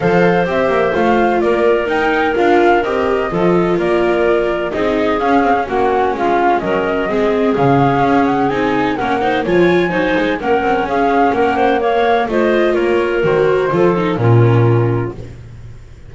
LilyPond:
<<
  \new Staff \with { instrumentName = "flute" } { \time 4/4 \tempo 4 = 127 f''4 e''4 f''4 d''4 | g''4 f''4 dis''2 | d''2 dis''4 f''4 | fis''4 f''4 dis''2 |
f''4. fis''8 gis''4 fis''4 | gis''2 fis''4 f''4 | fis''4 f''4 dis''4 cis''4 | c''2 ais'2 | }
  \new Staff \with { instrumentName = "clarinet" } { \time 4/4 c''2. ais'4~ | ais'2. a'4 | ais'2 gis'2 | fis'4 f'4 ais'4 gis'4~ |
gis'2. ais'8 c''8 | cis''4 c''4 ais'4 gis'4 | ais'8 c''8 cis''4 c''4 ais'4~ | ais'4 a'4 f'2 | }
  \new Staff \with { instrumentName = "viola" } { \time 4/4 a'4 g'4 f'2 | dis'4 f'4 g'4 f'4~ | f'2 dis'4 cis'8 c'16 cis'16~ | cis'2. c'4 |
cis'2 dis'4 cis'8 dis'8 | f'4 dis'4 cis'2~ | cis'4 ais4 f'2 | fis'4 f'8 dis'8 cis'2 | }
  \new Staff \with { instrumentName = "double bass" } { \time 4/4 f4 c'8 ais8 a4 ais4 | dis'4 d'4 c'4 f4 | ais2 c'4 cis'4 | ais4 gis4 fis4 gis4 |
cis4 cis'4 c'4 ais4 | f4 fis8 gis8 ais8 c'8 cis'4 | ais2 a4 ais4 | dis4 f4 ais,2 | }
>>